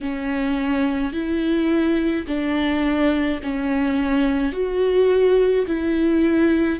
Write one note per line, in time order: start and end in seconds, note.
0.00 1.13 C#4
1.13 2.26 E4
2.27 3.40 D4
3.42 4.52 C#4
4.52 5.66 F#4
5.67 6.79 E4